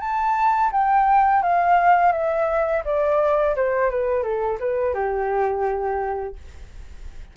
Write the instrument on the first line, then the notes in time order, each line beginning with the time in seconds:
flute
0.00 A5
0.72 G5
1.43 F5
2.12 E5
2.85 D5
3.56 C5
3.90 B4
4.23 A4
4.60 B4
4.94 G4